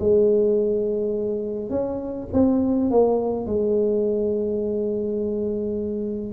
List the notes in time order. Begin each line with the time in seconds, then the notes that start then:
0.00 G#3
1.70 C#4
2.33 C4
2.91 A#3
3.46 G#3